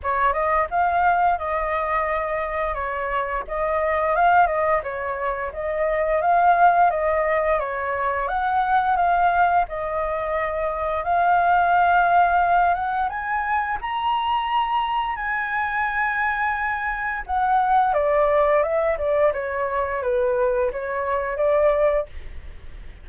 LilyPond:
\new Staff \with { instrumentName = "flute" } { \time 4/4 \tempo 4 = 87 cis''8 dis''8 f''4 dis''2 | cis''4 dis''4 f''8 dis''8 cis''4 | dis''4 f''4 dis''4 cis''4 | fis''4 f''4 dis''2 |
f''2~ f''8 fis''8 gis''4 | ais''2 gis''2~ | gis''4 fis''4 d''4 e''8 d''8 | cis''4 b'4 cis''4 d''4 | }